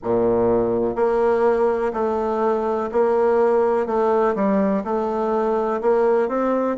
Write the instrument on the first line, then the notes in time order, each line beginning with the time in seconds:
bassoon
0.03 A#2
0.95 A#3
1.93 A3
2.92 A#3
3.86 A3
4.35 G3
4.83 A3
5.81 A#3
6.28 C4